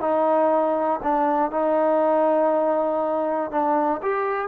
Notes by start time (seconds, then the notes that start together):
0.00 D#4
1.02 D4
1.51 D#4
3.51 D4
4.02 G4